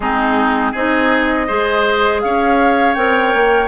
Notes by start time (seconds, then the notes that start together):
0.00 G#3 C4 D#4 G#4
0.72 C4 D#4 G#4 D#5
1.47 G#3 G#4 C5
2.20 C#4 C#5 F5
2.94 C4 A#4 G5
3.33 A#3